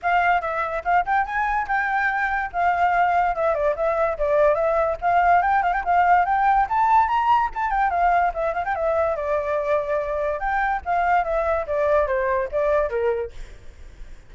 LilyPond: \new Staff \with { instrumentName = "flute" } { \time 4/4 \tempo 4 = 144 f''4 e''4 f''8 g''8 gis''4 | g''2 f''2 | e''8 d''8 e''4 d''4 e''4 | f''4 g''8 f''16 g''16 f''4 g''4 |
a''4 ais''4 a''8 g''8 f''4 | e''8 f''16 g''16 e''4 d''2~ | d''4 g''4 f''4 e''4 | d''4 c''4 d''4 ais'4 | }